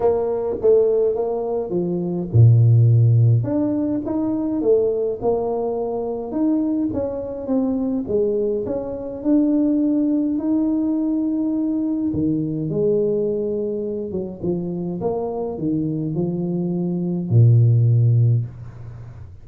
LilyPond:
\new Staff \with { instrumentName = "tuba" } { \time 4/4 \tempo 4 = 104 ais4 a4 ais4 f4 | ais,2 d'4 dis'4 | a4 ais2 dis'4 | cis'4 c'4 gis4 cis'4 |
d'2 dis'2~ | dis'4 dis4 gis2~ | gis8 fis8 f4 ais4 dis4 | f2 ais,2 | }